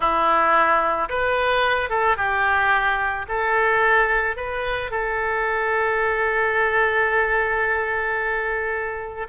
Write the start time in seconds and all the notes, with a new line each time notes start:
0.00 E4
1.09 B4
1.89 A4
2.16 G4
3.28 A4
4.36 B4
4.90 A4